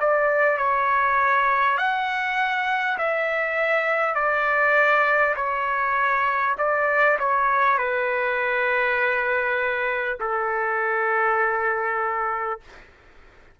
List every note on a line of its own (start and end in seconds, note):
0.00 0.58 D5
0.58 1.77 C#5
1.77 2.97 F#5
2.98 4.15 E5
4.15 5.35 D5
5.36 6.56 C#5
6.58 7.18 D5
7.19 7.78 C#5
7.78 10.18 B4
10.20 12.60 A4